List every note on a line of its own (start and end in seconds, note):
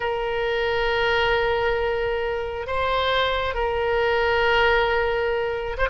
0.00 2.66 A#4
2.66 3.54 C5
3.54 5.76 A#4
5.77 5.88 C5